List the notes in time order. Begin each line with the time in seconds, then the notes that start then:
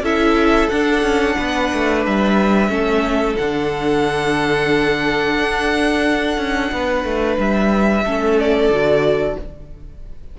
0.00 C#4 E4 A4 E5
0.69 D4 F#5
1.02 C#4
1.37 B3 B4
1.73 A3
2.06 G3 E5
2.68 A3 C#4 A4
3.36 D3 D4 F#5
5.38 D4
6.37 C#4
6.71 B3 B4
7.04 A3
7.38 G3 E5
8.04 A3 C#4 A4
8.39 D5
8.69 D3 F#4